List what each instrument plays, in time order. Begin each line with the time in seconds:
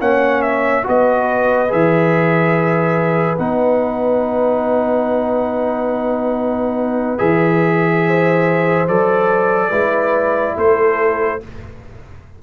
0.00 tuba A#3, trombone C#4, horn C#5, trumpet F#5
0.42 trumpet E5
0.83 tuba B3, trombone F#4, horn B4, trumpet D#5
1.68 tuba E3, trombone G#4, trumpet E5
3.39 tuba B3, trombone D#4, trumpet F#5
7.19 tuba E3, trombone G#4, trumpet E5
8.08 horn C5
8.88 tuba F#3, trombone A4, trumpet D5
9.70 tuba G#3, trombone E4, horn B4
10.57 tuba A3, horn A4, trumpet C5